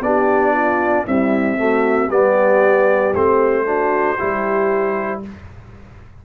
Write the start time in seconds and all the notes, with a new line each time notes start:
0.00 B3 D4 G4 D5
0.53 F4
1.05 G3 C4 E4 E5
1.56 A3 F#4
2.09 G3 B3 G4 D5
3.14 A3 C4 C5
3.65 D4 F#4
4.17 G3 E4 G4